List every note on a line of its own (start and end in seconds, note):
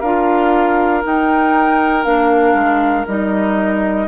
0.00 1.04 D4
0.00 1.03 F4
0.00 4.07 A#4
0.00 1.03 F5
1.03 2.04 D#4
1.03 2.05 D#4
1.03 2.04 G5
2.04 2.54 A#3
2.04 3.06 D4
2.04 3.06 F5
2.54 3.05 G#3
3.07 4.08 G3
3.07 4.08 D#4
3.07 4.08 D#5